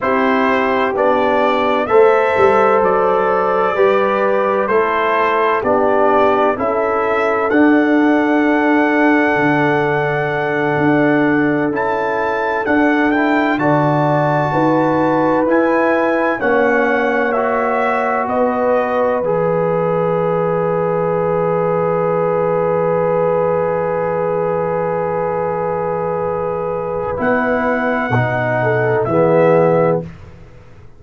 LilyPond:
<<
  \new Staff \with { instrumentName = "trumpet" } { \time 4/4 \tempo 4 = 64 c''4 d''4 e''4 d''4~ | d''4 c''4 d''4 e''4 | fis''1~ | fis''8 a''4 fis''8 g''8 a''4.~ |
a''8 gis''4 fis''4 e''4 dis''8~ | dis''8 e''2.~ e''8~ | e''1~ | e''4 fis''2 e''4 | }
  \new Staff \with { instrumentName = "horn" } { \time 4/4 g'2 c''2 | b'4 a'4 g'4 a'4~ | a'1~ | a'2~ a'8 d''4 b'8~ |
b'4. cis''2 b'8~ | b'1~ | b'1~ | b'2~ b'8 a'8 gis'4 | }
  \new Staff \with { instrumentName = "trombone" } { \time 4/4 e'4 d'4 a'2 | g'4 e'4 d'4 e'4 | d'1~ | d'8 e'4 d'8 e'8 fis'4.~ |
fis'8 e'4 cis'4 fis'4.~ | fis'8 gis'2.~ gis'8~ | gis'1~ | gis'4 e'4 dis'4 b4 | }
  \new Staff \with { instrumentName = "tuba" } { \time 4/4 c'4 b4 a8 g8 fis4 | g4 a4 b4 cis'4 | d'2 d4. d'8~ | d'8 cis'4 d'4 d4 dis'8~ |
dis'8 e'4 ais2 b8~ | b8 e2.~ e8~ | e1~ | e4 b4 b,4 e4 | }
>>